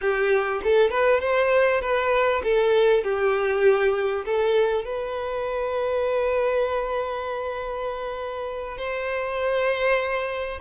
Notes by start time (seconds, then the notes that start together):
0.01 G4
0.63 A4
0.90 B4
1.20 C5
1.81 B4
2.43 A4
3.03 G4
4.25 A4
4.84 B4
8.77 C5